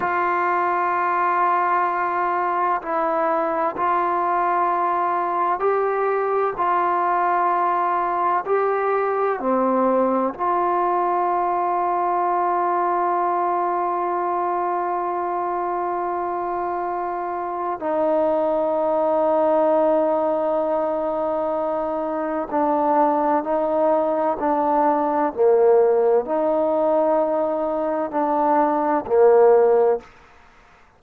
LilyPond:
\new Staff \with { instrumentName = "trombone" } { \time 4/4 \tempo 4 = 64 f'2. e'4 | f'2 g'4 f'4~ | f'4 g'4 c'4 f'4~ | f'1~ |
f'2. dis'4~ | dis'1 | d'4 dis'4 d'4 ais4 | dis'2 d'4 ais4 | }